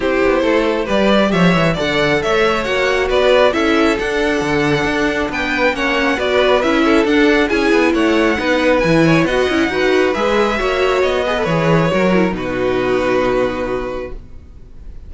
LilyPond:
<<
  \new Staff \with { instrumentName = "violin" } { \time 4/4 \tempo 4 = 136 c''2 d''4 e''4 | fis''4 e''4 fis''4 d''4 | e''4 fis''2. | g''4 fis''4 d''4 e''4 |
fis''4 gis''4 fis''2 | gis''4 fis''2 e''4~ | e''4 dis''4 cis''2 | b'1 | }
  \new Staff \with { instrumentName = "violin" } { \time 4/4 g'4 a'4 b'4 cis''4 | d''4 cis''2 b'4 | a'1 | b'4 cis''4 b'4. a'8~ |
a'4 gis'4 cis''4 b'4~ | b'8 cis''8 dis''4 b'2 | cis''4. b'4. ais'4 | fis'1 | }
  \new Staff \with { instrumentName = "viola" } { \time 4/4 e'2 g'2 | a'2 fis'2 | e'4 d'2.~ | d'4 cis'4 fis'4 e'4 |
d'4 e'2 dis'4 | e'4 fis'8 e'8 fis'4 gis'4 | fis'4. gis'16 a'16 gis'4 fis'8 e'8 | dis'1 | }
  \new Staff \with { instrumentName = "cello" } { \time 4/4 c'8 b8 a4 g4 f8 e8 | d4 a4 ais4 b4 | cis'4 d'4 d4 d'4 | b4 ais4 b4 cis'4 |
d'4 cis'8 b8 a4 b4 | e4 b8 cis'8 dis'4 gis4 | ais4 b4 e4 fis4 | b,1 | }
>>